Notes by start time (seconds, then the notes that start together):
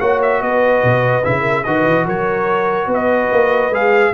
0.00 A#3 F#4 C#5 F#5
0.22 E5
0.42 B3 B4 D#5
0.84 B2
1.24 C#3 E4 E5
1.41 A#4
1.64 D#3 F#4 B4 D#5
1.85 E3
2.06 F#3 A#4 C#5
2.87 B3 B4
2.94 D#5
3.32 A#3
3.70 G#3 G#4 F5